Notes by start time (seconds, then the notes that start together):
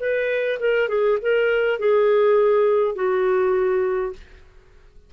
0.00 B4
0.60 A#4
0.89 G#4
1.22 A#4
1.79 G#4
2.95 F#4